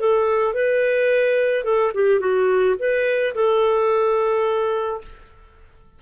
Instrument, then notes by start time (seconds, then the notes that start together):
clarinet
0.00 A4
0.54 B4
1.64 A4
1.94 G4
2.20 F#4
2.79 B4
3.35 A4